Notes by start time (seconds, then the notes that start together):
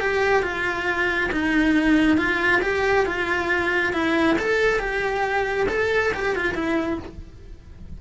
0.00 G4
0.43 F4
1.32 D#4
2.17 F4
2.62 G4
3.06 F4
3.93 E4
4.38 A4
4.79 G4
5.69 A4
6.14 G4
6.36 F4
6.55 E4